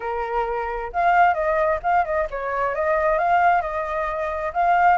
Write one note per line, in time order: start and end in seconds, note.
0.00 0.91 A#4
0.92 1.33 F5
1.33 1.79 D#5
1.82 2.05 F5
2.05 2.27 D#5
2.30 2.74 C#5
2.74 3.18 D#5
3.18 3.61 F5
3.61 4.52 D#5
4.53 4.97 F5